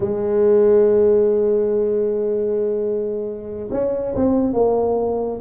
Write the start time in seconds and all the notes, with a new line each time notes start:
0.00 G#3
3.71 C#4
4.15 C4
4.53 A#3